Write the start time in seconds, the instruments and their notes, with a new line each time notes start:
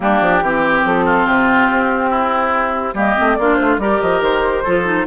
0.00 bassoon G3, clarinet A#3, oboe D4, flute G4
0.21 bassoon F3
0.42 bassoon E3, clarinet C4, oboe G4
0.84 bassoon F3, flute A4
1.05 oboe F4
1.26 bassoon C3, flute G4
1.70 bassoon C4
2.10 oboe E4
2.94 bassoon G3, clarinet A#3, oboe G4, flute D#5
3.16 bassoon A3, clarinet C4
3.35 bassoon A#3, clarinet D4, oboe F4, flute D5
3.55 bassoon A3, flute C5
3.78 bassoon G3, clarinet G4, oboe A#4, flute D5
4.01 bassoon F3, flute D#5
4.20 bassoon D#3, flute C5
4.63 bassoon F3, clarinet F4, oboe A4
4.85 clarinet D#4